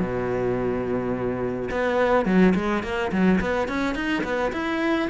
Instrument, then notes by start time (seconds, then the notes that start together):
cello
0.00 B2
1.71 B3
2.26 F#3
2.55 G#3
2.84 A#3
3.12 F#3
3.41 B3
3.68 C#4
3.95 D#4
4.24 B3
4.53 E4